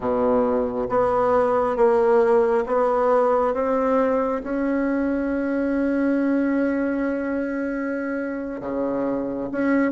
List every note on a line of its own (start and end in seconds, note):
0.00 0.87 B2
0.89 1.76 B3
1.76 2.64 A#3
2.66 3.53 B3
3.53 4.42 C4
4.43 8.60 C#4
8.60 9.49 C#3
9.51 9.91 C#4